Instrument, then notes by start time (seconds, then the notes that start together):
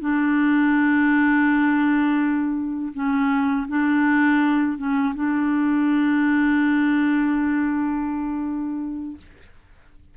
clarinet
0.00 D4
2.93 C#4
3.68 D4
4.77 C#4
5.15 D4